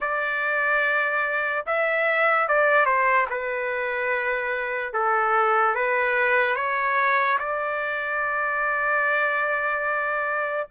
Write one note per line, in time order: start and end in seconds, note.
0.00 1.65 D5
1.66 2.48 E5
2.48 2.85 D5
2.85 3.26 C5
3.30 4.93 B4
4.93 5.75 A4
5.75 6.55 B4
6.55 7.37 C#5
7.38 10.67 D5